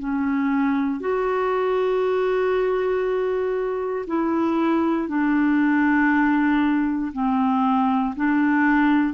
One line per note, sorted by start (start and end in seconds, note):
0.00 1.01 C#4
1.01 4.06 F#4
4.07 5.08 E4
5.08 7.12 D4
7.13 8.15 C4
8.16 9.14 D4